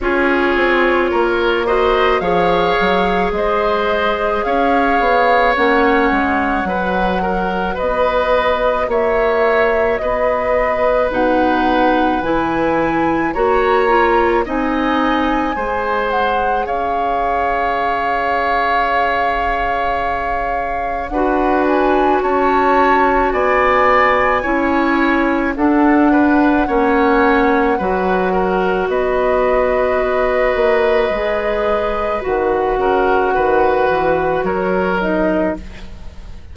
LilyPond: <<
  \new Staff \with { instrumentName = "flute" } { \time 4/4 \tempo 4 = 54 cis''4. dis''8 f''4 dis''4 | f''4 fis''2 dis''4 | e''4 dis''4 fis''4 gis''4 | ais''4 gis''4. fis''8 f''4~ |
f''2. fis''8 gis''8 | a''4 gis''2 fis''4~ | fis''2 dis''2~ | dis''4 fis''2 cis''8 dis''8 | }
  \new Staff \with { instrumentName = "oboe" } { \time 4/4 gis'4 ais'8 c''8 cis''4 c''4 | cis''2 b'8 ais'8 b'4 | cis''4 b'2. | cis''4 dis''4 c''4 cis''4~ |
cis''2. b'4 | cis''4 d''4 cis''4 a'8 b'8 | cis''4 b'8 ais'8 b'2~ | b'4. ais'8 b'4 ais'4 | }
  \new Staff \with { instrumentName = "clarinet" } { \time 4/4 f'4. fis'8 gis'2~ | gis'4 cis'4 fis'2~ | fis'2 dis'4 e'4 | fis'8 f'8 dis'4 gis'2~ |
gis'2. fis'4~ | fis'2 e'4 d'4 | cis'4 fis'2. | gis'4 fis'2~ fis'8 dis'8 | }
  \new Staff \with { instrumentName = "bassoon" } { \time 4/4 cis'8 c'8 ais4 f8 fis8 gis4 | cis'8 b8 ais8 gis8 fis4 b4 | ais4 b4 b,4 e4 | ais4 c'4 gis4 cis'4~ |
cis'2. d'4 | cis'4 b4 cis'4 d'4 | ais4 fis4 b4. ais8 | gis4 dis8 cis8 dis8 e8 fis4 | }
>>